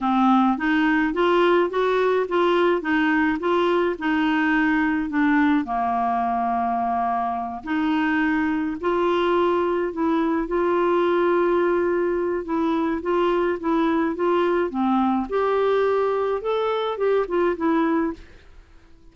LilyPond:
\new Staff \with { instrumentName = "clarinet" } { \time 4/4 \tempo 4 = 106 c'4 dis'4 f'4 fis'4 | f'4 dis'4 f'4 dis'4~ | dis'4 d'4 ais2~ | ais4. dis'2 f'8~ |
f'4. e'4 f'4.~ | f'2 e'4 f'4 | e'4 f'4 c'4 g'4~ | g'4 a'4 g'8 f'8 e'4 | }